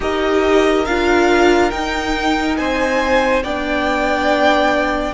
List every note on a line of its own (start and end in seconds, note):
0.00 0.84 D#4
0.00 0.85 G4
0.00 2.57 A#4
0.00 0.85 D#5
0.85 1.71 D4
0.85 1.72 F4
0.85 1.70 F5
1.70 2.58 D#4
1.70 3.43 D#4
1.70 2.56 G5
2.56 3.43 C4
2.56 3.43 C5
2.56 3.42 G#5
3.43 5.13 B3
3.43 5.13 D4
3.43 5.13 D5
3.43 5.13 G5